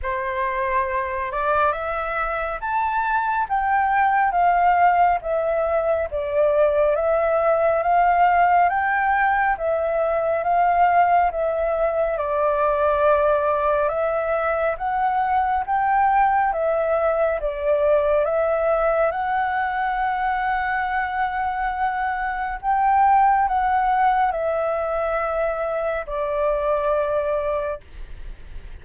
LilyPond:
\new Staff \with { instrumentName = "flute" } { \time 4/4 \tempo 4 = 69 c''4. d''8 e''4 a''4 | g''4 f''4 e''4 d''4 | e''4 f''4 g''4 e''4 | f''4 e''4 d''2 |
e''4 fis''4 g''4 e''4 | d''4 e''4 fis''2~ | fis''2 g''4 fis''4 | e''2 d''2 | }